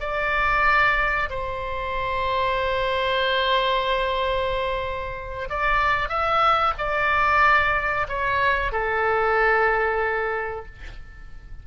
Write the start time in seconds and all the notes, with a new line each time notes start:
0.00 D5
1.29 C5
5.50 D5
6.09 E5
6.78 D5
8.09 C#5
8.72 A4